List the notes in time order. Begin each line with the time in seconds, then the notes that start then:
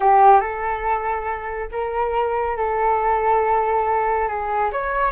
0.00 G4
0.40 A4
1.71 A#4
2.57 A4
4.27 G#4
4.72 C#5